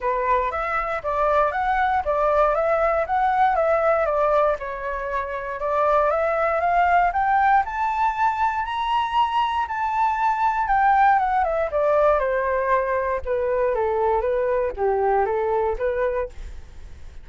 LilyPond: \new Staff \with { instrumentName = "flute" } { \time 4/4 \tempo 4 = 118 b'4 e''4 d''4 fis''4 | d''4 e''4 fis''4 e''4 | d''4 cis''2 d''4 | e''4 f''4 g''4 a''4~ |
a''4 ais''2 a''4~ | a''4 g''4 fis''8 e''8 d''4 | c''2 b'4 a'4 | b'4 g'4 a'4 b'4 | }